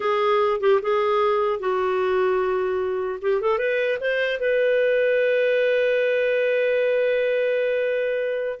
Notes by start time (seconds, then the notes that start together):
0.00 G#4
0.60 G4
0.81 G#4
1.59 F#4
3.21 G4
3.41 A4
3.58 B4
4.00 C5
4.39 B4